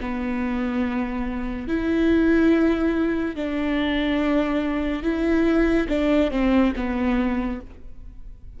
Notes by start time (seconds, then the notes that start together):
0.00 B3
1.67 E4
3.35 D4
5.02 E4
5.88 D4
6.30 C4
6.76 B3